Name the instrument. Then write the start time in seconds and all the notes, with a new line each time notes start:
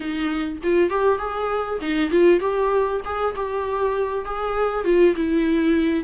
viola
0.00 D#4
0.63 F4
0.90 G4
1.18 G#4
1.81 D#4
2.10 F4
2.40 G4
3.04 G#4
3.35 G4
4.25 G#4
4.84 F4
5.15 E4